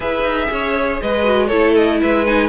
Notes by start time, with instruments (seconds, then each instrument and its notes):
0.00 cello E4, viola G#4, violin B4 E5
0.23 cello D#4
0.50 cello C#4, violin C#5
1.01 cello G#3, violin B4 D#5
1.24 viola F#4
1.47 cello A3, viola E4, violin A4 C#5
1.75 violin D#5
2.00 cello G#3, violin B4 E5
2.25 viola D#4, violin G#5